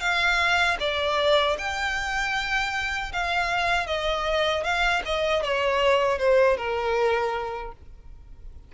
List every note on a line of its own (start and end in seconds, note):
0.00 0.77 F5
0.80 1.57 D5
1.58 3.12 G5
3.13 3.87 F5
3.87 4.64 D#5
4.64 5.02 F5
5.06 5.43 D#5
5.43 6.19 C#5
6.19 6.57 C5
6.57 7.72 A#4